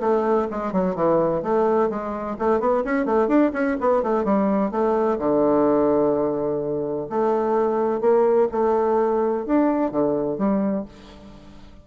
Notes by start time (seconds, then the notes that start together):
0.00 A3
0.50 G#3
0.72 F#3
0.95 E3
1.42 A3
1.89 G#3
2.39 A3
2.60 B3
2.84 C#4
3.05 A3
3.28 D4
3.53 C#4
3.80 B3
4.02 A3
4.24 G3
4.71 A3
5.19 D3
7.09 A3
8.00 A#3
8.51 A3
9.46 D4
9.91 D3
10.38 G3